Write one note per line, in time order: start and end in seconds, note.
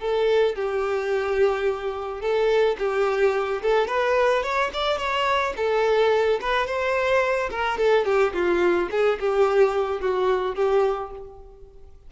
0.00 0.56 A4
0.56 2.21 G4
2.21 2.77 A4
2.79 3.62 G4
3.62 3.88 A4
3.88 4.43 B4
4.43 4.71 C#5
4.74 4.98 D5
4.98 5.54 C#5
5.57 6.40 A4
6.41 6.67 B4
6.67 7.50 C5
7.51 7.78 A#4
7.78 8.05 A4
8.05 8.33 G4
8.34 8.89 F4
8.91 9.19 G#4
9.20 10.01 G4
10.01 10.56 F#4
10.56 11.11 G4